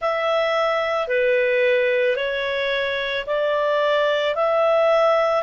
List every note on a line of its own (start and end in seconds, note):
0.00 1.07 E5
1.07 2.16 B4
2.16 3.25 C#5
3.26 4.35 D5
4.35 5.42 E5